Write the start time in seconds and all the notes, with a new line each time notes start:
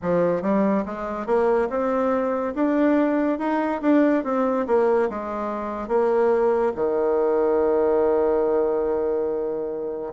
0.02 F3
0.42 G3
0.85 G#3
1.26 A#3
1.69 C4
2.54 D4
3.38 D#4
3.81 D4
4.24 C4
4.66 A#3
5.09 G#3
5.87 A#3
6.75 D#3